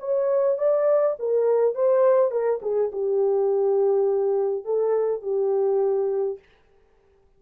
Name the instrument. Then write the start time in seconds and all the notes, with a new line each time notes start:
horn
0.00 C#5
0.58 D5
1.19 A#4
1.75 C5
2.31 A#4
2.62 G#4
2.93 G4
4.65 A4
5.22 G4